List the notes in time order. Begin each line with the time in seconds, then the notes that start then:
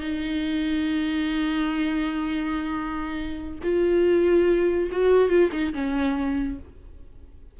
0.00 D#4
3.63 F4
4.91 F#4
5.29 F4
5.52 D#4
5.74 C#4